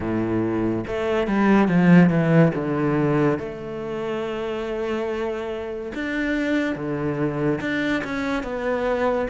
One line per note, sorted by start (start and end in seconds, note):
0.00 0.85 A2
0.87 1.27 A3
1.27 1.68 G3
1.68 2.09 F3
2.09 2.51 E3
2.55 3.38 D3
3.38 5.92 A3
5.94 6.75 D4
6.75 7.60 D3
7.60 8.02 D4
8.04 8.43 C#4
8.43 9.27 B3